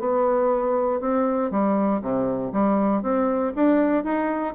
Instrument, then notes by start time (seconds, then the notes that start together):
bassoon
0.00 B3
1.00 C4
1.51 G3
2.02 C3
2.53 G3
3.03 C4
3.56 D4
4.04 D#4